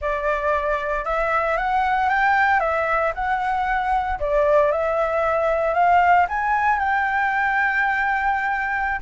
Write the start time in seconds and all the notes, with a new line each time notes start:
0.01 D5
1.04 E5
1.57 F#5
2.09 G5
2.60 E5
3.14 F#5
4.19 D5
4.71 E5
5.74 F5
6.28 G#5
6.79 G5